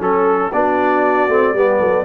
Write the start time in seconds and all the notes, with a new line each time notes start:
0.00 F#3 C#4 A4
0.53 B3 D4 F#4 D5
1.29 A3 C4
1.54 G3 B3 G4
1.80 F#3 A4